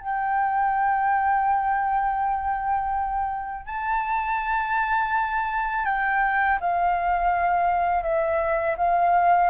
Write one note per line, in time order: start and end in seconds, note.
0.00 3.66 G5
3.66 5.85 A5
5.85 6.59 G5
6.60 8.03 F5
8.03 8.76 E5
8.77 9.50 F5